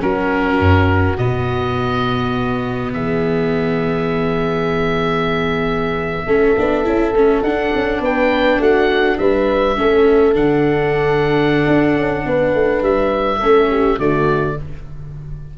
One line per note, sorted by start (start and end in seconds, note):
0.00 0.59 F#3
0.00 1.17 C#4
0.00 2.93 F#4
0.00 1.17 A#4
0.59 1.18 F#2
1.17 2.93 B2
1.17 6.28 B3
1.17 2.92 D#5
2.93 6.26 E3
2.93 6.26 G#4
2.93 7.43 E5
6.26 6.56 A3
6.26 6.57 C#4
6.26 8.01 A4
6.57 6.86 B3
6.57 6.84 D4
6.84 7.13 C#4
6.84 7.13 E4
7.13 7.42 A3
7.13 7.45 C#4
7.43 7.72 D4
7.43 9.76 D4
7.43 8.01 F#5
7.75 8.00 C#4
8.00 8.58 B3
8.00 8.60 B4
8.00 8.62 G5
8.58 9.17 A3
8.58 9.18 F#4
8.58 9.18 F#5
9.18 9.77 G3
9.18 9.78 B4
9.18 10.34 E5
9.76 10.35 A3
9.76 10.34 C#4
9.76 12.26 A4
10.34 11.66 D3
10.34 13.40 D4
10.34 12.83 F#5
11.68 11.96 D4
11.96 12.25 C#4
12.26 12.54 B3
12.26 13.40 B4
12.54 12.82 A3
12.82 13.40 G3
12.82 14.00 E5
13.40 13.98 A3
13.40 14.00 C#4
13.40 13.69 A4
13.70 13.99 G4
13.98 14.57 D3
13.98 14.58 A3
13.98 14.57 F#4
13.98 14.58 D5